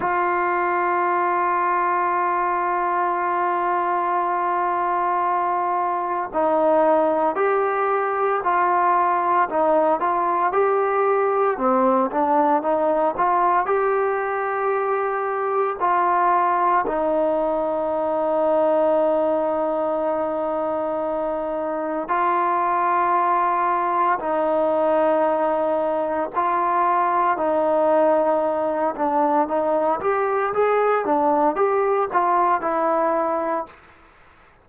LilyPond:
\new Staff \with { instrumentName = "trombone" } { \time 4/4 \tempo 4 = 57 f'1~ | f'2 dis'4 g'4 | f'4 dis'8 f'8 g'4 c'8 d'8 | dis'8 f'8 g'2 f'4 |
dis'1~ | dis'4 f'2 dis'4~ | dis'4 f'4 dis'4. d'8 | dis'8 g'8 gis'8 d'8 g'8 f'8 e'4 | }